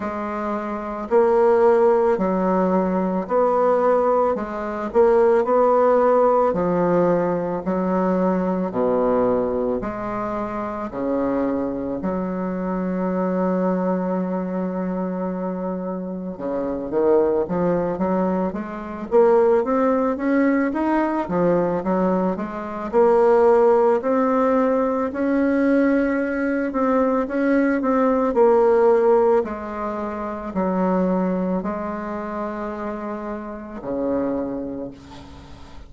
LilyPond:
\new Staff \with { instrumentName = "bassoon" } { \time 4/4 \tempo 4 = 55 gis4 ais4 fis4 b4 | gis8 ais8 b4 f4 fis4 | b,4 gis4 cis4 fis4~ | fis2. cis8 dis8 |
f8 fis8 gis8 ais8 c'8 cis'8 dis'8 f8 | fis8 gis8 ais4 c'4 cis'4~ | cis'8 c'8 cis'8 c'8 ais4 gis4 | fis4 gis2 cis4 | }